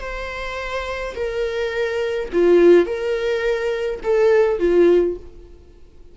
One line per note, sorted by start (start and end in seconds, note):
0.00 1.14 C5
1.15 2.29 A#4
2.32 2.86 F4
2.86 4.00 A#4
4.03 4.59 A4
4.59 5.16 F4